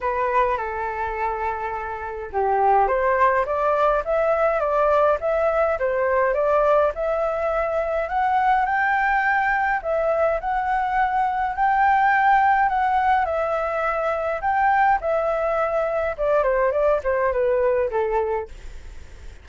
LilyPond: \new Staff \with { instrumentName = "flute" } { \time 4/4 \tempo 4 = 104 b'4 a'2. | g'4 c''4 d''4 e''4 | d''4 e''4 c''4 d''4 | e''2 fis''4 g''4~ |
g''4 e''4 fis''2 | g''2 fis''4 e''4~ | e''4 g''4 e''2 | d''8 c''8 d''8 c''8 b'4 a'4 | }